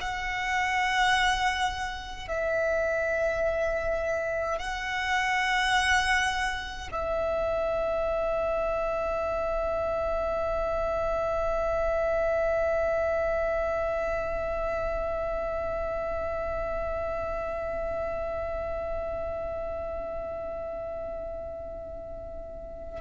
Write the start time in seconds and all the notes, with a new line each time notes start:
0.00 F#5
2.28 E5
4.58 F#5
6.91 E5